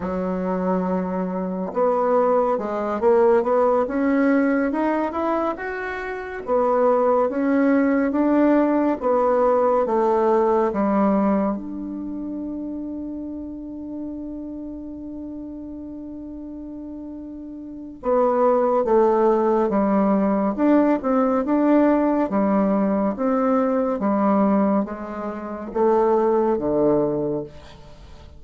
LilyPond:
\new Staff \with { instrumentName = "bassoon" } { \time 4/4 \tempo 4 = 70 fis2 b4 gis8 ais8 | b8 cis'4 dis'8 e'8 fis'4 b8~ | b8 cis'4 d'4 b4 a8~ | a8 g4 d'2~ d'8~ |
d'1~ | d'4 b4 a4 g4 | d'8 c'8 d'4 g4 c'4 | g4 gis4 a4 d4 | }